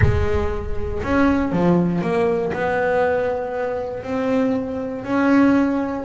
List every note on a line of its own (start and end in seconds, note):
0.01 1.02 G#3
1.03 1.51 C#4
1.51 2.01 F3
2.01 2.52 A#3
2.52 4.03 B3
4.03 5.04 C4
5.04 6.04 C#4